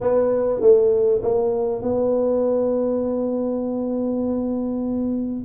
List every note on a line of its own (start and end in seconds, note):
0.01 0.61 B3
0.61 1.21 A3
1.22 1.82 A#3
1.82 5.45 B3